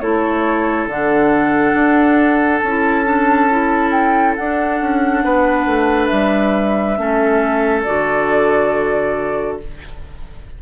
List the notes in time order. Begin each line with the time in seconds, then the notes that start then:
0.00 A3 E4 A4 C#5
0.87 D3 D4 F#5
1.74 D4
2.59 C#4 A5
2.67 E4
3.05 D4
3.51 E4
3.91 G5
4.36 D4 F#5
4.81 C#4
5.24 B3 B4
5.66 A3
6.07 G3 E5
6.97 A3 C#4 A4
7.84 D3 F#4 D5